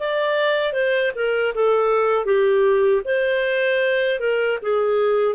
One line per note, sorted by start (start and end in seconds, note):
0.00 0.73 D5
0.73 1.12 C5
1.15 1.54 A#4
1.55 2.26 A4
2.26 3.02 G4
3.05 4.20 C5
4.20 4.59 A#4
4.62 5.36 G#4